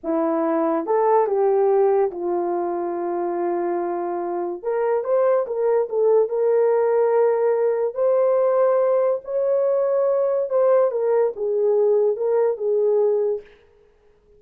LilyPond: \new Staff \with { instrumentName = "horn" } { \time 4/4 \tempo 4 = 143 e'2 a'4 g'4~ | g'4 f'2.~ | f'2. ais'4 | c''4 ais'4 a'4 ais'4~ |
ais'2. c''4~ | c''2 cis''2~ | cis''4 c''4 ais'4 gis'4~ | gis'4 ais'4 gis'2 | }